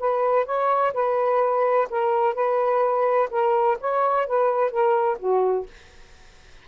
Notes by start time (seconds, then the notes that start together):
0.00 B4
0.46 C#5
0.94 B4
1.90 A#4
2.35 B4
3.30 A#4
3.81 C#5
4.27 B4
4.71 A#4
5.19 F#4